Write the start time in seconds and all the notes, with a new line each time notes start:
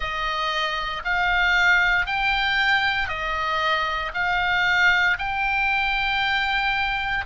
0.00 D#5
1.04 F5
2.06 G5
3.08 D#5
4.14 F5
5.18 G5